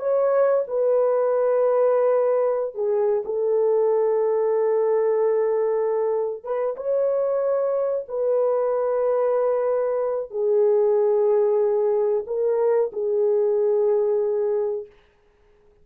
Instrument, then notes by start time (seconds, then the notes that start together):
horn
0.00 C#5
0.68 B4
2.75 G#4
3.26 A4
6.44 B4
6.77 C#5
8.09 B4
10.31 G#4
12.27 A#4
12.93 G#4